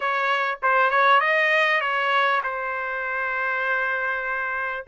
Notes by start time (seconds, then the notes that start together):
0.00 C#5
0.62 C5
0.90 C#5
1.20 D#5
1.80 C#5
2.43 C5